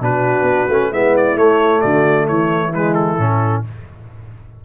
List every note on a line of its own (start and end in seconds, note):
0.00 0.42 B2
0.00 0.69 D4
0.00 0.91 F#4
0.00 0.93 B4
0.42 0.65 B3
0.68 0.91 A3
0.68 0.93 C#4
0.91 1.36 G#3
0.91 1.36 B3
0.91 1.81 E4
0.91 1.16 E5
1.17 1.38 D5
1.36 1.81 A3
1.36 2.73 A3
1.36 1.81 C#5
1.81 2.30 D3
1.81 2.26 F#4
1.81 2.27 D5
2.28 3.18 E3
2.28 3.65 E4
2.28 2.73 C#5
2.74 3.19 G#3
2.74 2.94 B4
2.94 3.63 A4
3.18 3.64 A2
3.18 3.64 C#4